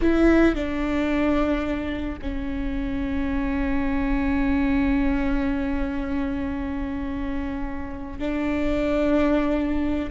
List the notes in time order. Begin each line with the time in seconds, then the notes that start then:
0.01 E4
0.55 D4
2.21 C#4
8.18 D4